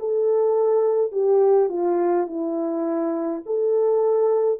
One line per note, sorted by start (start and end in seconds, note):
0.00 1.12 A4
1.12 1.70 G4
1.70 2.28 F4
2.28 3.43 E4
3.46 4.60 A4